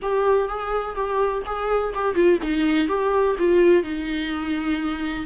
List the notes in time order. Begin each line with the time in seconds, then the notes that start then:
0.02 G4
0.48 G#4
0.95 G4
1.45 G#4
1.94 G4
2.15 F4
2.42 D#4
2.88 G4
3.39 F4
3.83 D#4